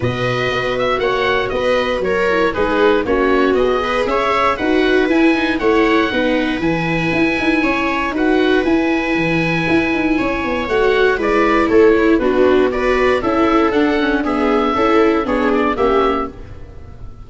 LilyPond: <<
  \new Staff \with { instrumentName = "oboe" } { \time 4/4 \tempo 4 = 118 dis''4. e''8 fis''4 dis''4 | cis''4 b'4 cis''4 dis''4 | e''4 fis''4 gis''4 fis''4~ | fis''4 gis''2. |
fis''4 gis''2.~ | gis''4 fis''4 d''4 cis''4 | b'4 d''4 e''4 fis''4 | e''2 cis''8 d''8 e''4 | }
  \new Staff \with { instrumentName = "viola" } { \time 4/4 b'2 cis''4 b'4 | ais'4 gis'4 fis'4. b'8 | cis''4 b'2 cis''4 | b'2. cis''4 |
b'1 | cis''2 b'4 a'8 e'8 | fis'4 b'4 a'2 | gis'4 a'4 gis'4 g'4 | }
  \new Staff \with { instrumentName = "viola" } { \time 4/4 fis'1~ | fis'8 e'8 dis'4 cis'4 gis'4~ | gis'4 fis'4 e'8 dis'8 e'4 | dis'4 e'2. |
fis'4 e'2.~ | e'4 fis'4 e'2 | d'4 fis'4 e'4 d'8 cis'8 | b4 e'4 d'4 cis'4 | }
  \new Staff \with { instrumentName = "tuba" } { \time 4/4 b,4 b4 ais4 b4 | fis4 gis4 ais4 b4 | cis'4 dis'4 e'4 a4 | b4 e4 e'8 dis'8 cis'4 |
dis'4 e'4 e4 e'8 dis'8 | cis'8 b8 a4 gis4 a4 | b2 cis'4 d'4~ | d'4 cis'4 b4 ais4 | }
>>